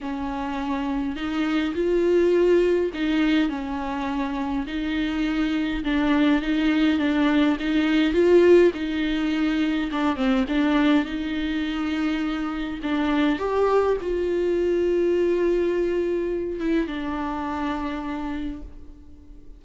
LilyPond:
\new Staff \with { instrumentName = "viola" } { \time 4/4 \tempo 4 = 103 cis'2 dis'4 f'4~ | f'4 dis'4 cis'2 | dis'2 d'4 dis'4 | d'4 dis'4 f'4 dis'4~ |
dis'4 d'8 c'8 d'4 dis'4~ | dis'2 d'4 g'4 | f'1~ | f'8 e'8 d'2. | }